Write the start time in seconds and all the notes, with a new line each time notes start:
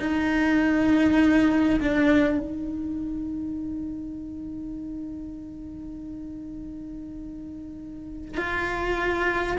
0.00 D#4
1.81 D4
2.39 D#4
8.37 F4